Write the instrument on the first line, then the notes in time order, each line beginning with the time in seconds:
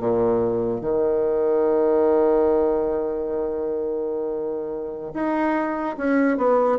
bassoon
0.00 A#2
0.81 D#3
5.14 D#4
5.97 C#4
6.38 B3